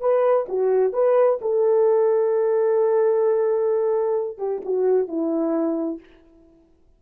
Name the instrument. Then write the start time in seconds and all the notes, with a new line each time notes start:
horn
0.00 B4
0.48 F#4
0.93 B4
1.41 A4
4.37 G4
4.65 F#4
5.07 E4